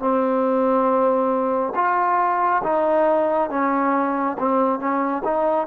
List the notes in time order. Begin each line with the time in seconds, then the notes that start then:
0.00 C4
1.75 F4
2.64 D#4
3.50 C#4
4.39 C4
4.80 C#4
5.25 D#4